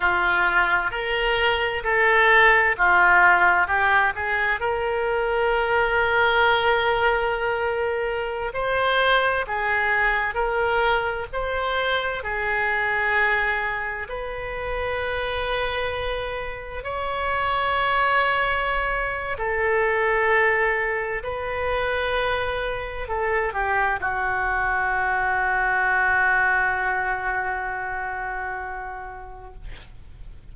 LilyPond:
\new Staff \with { instrumentName = "oboe" } { \time 4/4 \tempo 4 = 65 f'4 ais'4 a'4 f'4 | g'8 gis'8 ais'2.~ | ais'4~ ais'16 c''4 gis'4 ais'8.~ | ais'16 c''4 gis'2 b'8.~ |
b'2~ b'16 cis''4.~ cis''16~ | cis''4 a'2 b'4~ | b'4 a'8 g'8 fis'2~ | fis'1 | }